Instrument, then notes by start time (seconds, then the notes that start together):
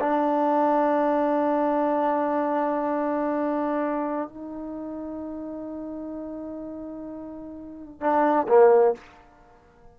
trombone
0.00 D4
4.29 D#4
8.01 D4
8.48 A#3